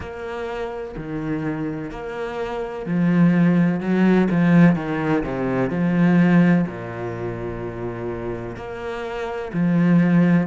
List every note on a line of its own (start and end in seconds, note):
0.00 0.95 A#3
0.97 1.90 D#3
1.90 2.86 A#3
2.86 3.80 F3
3.80 4.28 F#3
4.30 4.75 F3
4.75 5.23 D#3
5.23 5.69 C3
5.69 6.65 F3
6.67 8.56 A#2
8.56 9.51 A#3
9.53 10.47 F3